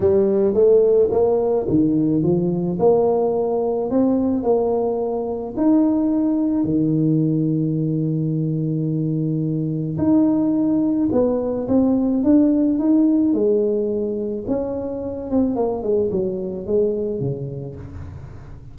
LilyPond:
\new Staff \with { instrumentName = "tuba" } { \time 4/4 \tempo 4 = 108 g4 a4 ais4 dis4 | f4 ais2 c'4 | ais2 dis'2 | dis1~ |
dis2 dis'2 | b4 c'4 d'4 dis'4 | gis2 cis'4. c'8 | ais8 gis8 fis4 gis4 cis4 | }